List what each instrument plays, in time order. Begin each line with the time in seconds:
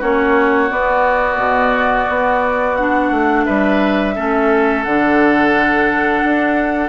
0.00 bassoon A#3, clarinet C#4, oboe F#4, flute C#5
0.69 clarinet B3, bassoon B3, flute D5
1.38 bassoon B2
2.09 bassoon B3
2.76 clarinet D4, flute F#5
3.11 bassoon A3
3.46 bassoon G3, oboe B4, flute E5
4.15 bassoon A3, clarinet C#4, oboe A4
4.83 bassoon D3, clarinet D4, flute F#5
6.24 bassoon D4